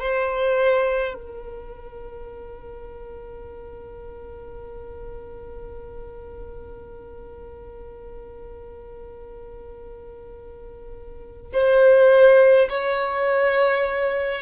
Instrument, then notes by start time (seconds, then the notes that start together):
violin
0.00 C5
1.14 A#4
11.53 C5
12.69 C#5